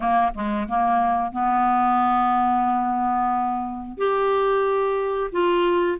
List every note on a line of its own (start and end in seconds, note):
0.00 0.31 A#3
0.34 0.67 G#3
0.68 1.32 A#3
1.32 3.97 B3
3.97 5.31 G4
5.32 5.98 F4